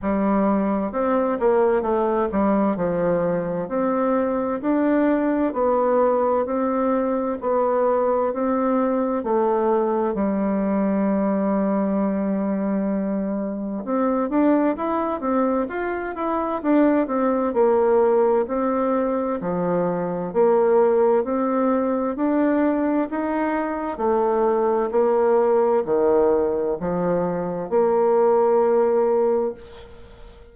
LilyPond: \new Staff \with { instrumentName = "bassoon" } { \time 4/4 \tempo 4 = 65 g4 c'8 ais8 a8 g8 f4 | c'4 d'4 b4 c'4 | b4 c'4 a4 g4~ | g2. c'8 d'8 |
e'8 c'8 f'8 e'8 d'8 c'8 ais4 | c'4 f4 ais4 c'4 | d'4 dis'4 a4 ais4 | dis4 f4 ais2 | }